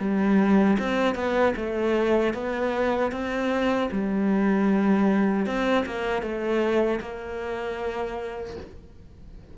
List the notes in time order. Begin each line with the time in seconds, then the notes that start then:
0.00 G3
0.79 C4
1.15 B3
1.57 A3
2.34 B3
3.12 C4
3.92 G3
5.46 C4
5.86 A#3
6.22 A3
7.01 A#3